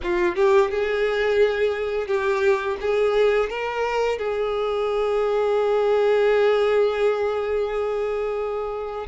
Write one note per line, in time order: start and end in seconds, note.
0.02 0.35 F4
0.35 0.70 G4
0.70 2.07 G#4
2.07 2.77 G4
2.80 3.49 G#4
3.49 4.18 A#4
4.18 9.06 G#4